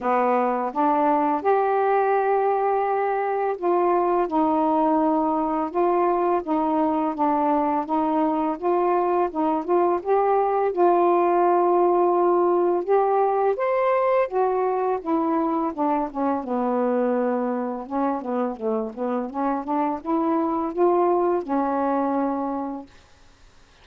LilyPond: \new Staff \with { instrumentName = "saxophone" } { \time 4/4 \tempo 4 = 84 b4 d'4 g'2~ | g'4 f'4 dis'2 | f'4 dis'4 d'4 dis'4 | f'4 dis'8 f'8 g'4 f'4~ |
f'2 g'4 c''4 | fis'4 e'4 d'8 cis'8 b4~ | b4 cis'8 b8 a8 b8 cis'8 d'8 | e'4 f'4 cis'2 | }